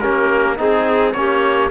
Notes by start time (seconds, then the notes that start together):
0.00 A#3 C#4 G4 A#4
0.57 C4 D#4 G#4
1.12 A#3 C#4 G4 C#5